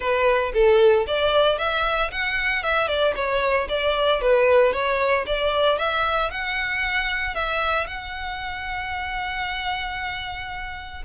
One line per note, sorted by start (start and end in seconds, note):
0.00 0.52 B4
0.53 1.06 A4
1.06 1.58 D5
1.58 2.11 E5
2.11 2.63 F#5
2.63 2.87 E5
2.87 3.14 D5
3.15 3.68 C#5
3.68 4.21 D5
4.21 4.72 B4
4.72 5.25 C#5
5.26 5.78 D5
5.78 6.30 E5
6.30 7.34 F#5
7.34 7.87 E5
7.87 11.02 F#5